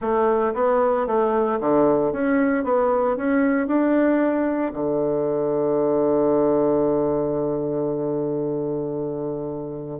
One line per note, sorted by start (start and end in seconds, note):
0.01 0.53 A3
0.54 1.06 B3
1.06 1.59 A3
1.59 2.12 D3
2.12 2.64 C#4
2.64 3.16 B3
3.17 3.67 C#4
3.67 4.72 D4
4.73 9.99 D3